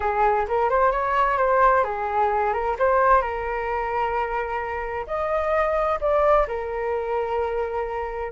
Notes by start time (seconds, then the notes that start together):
0.00 G#4
0.47 A#4
0.69 C5
0.91 C#5
1.37 C5
1.83 G#4
2.53 A#4
2.78 C5
3.21 A#4
5.06 D#5
6.00 D5
6.47 A#4